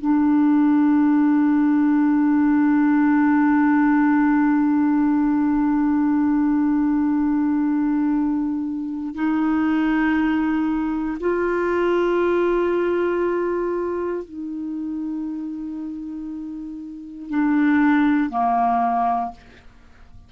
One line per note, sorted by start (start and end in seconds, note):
0.00 9.14 D4
9.14 11.18 D#4
11.20 14.24 F4
14.24 17.29 D#4
17.29 18.30 D4
18.30 19.31 A#3